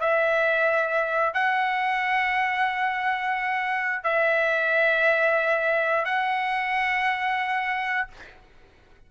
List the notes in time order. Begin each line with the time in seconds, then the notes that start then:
0.00 E5
1.34 F#5
4.03 E5
6.05 F#5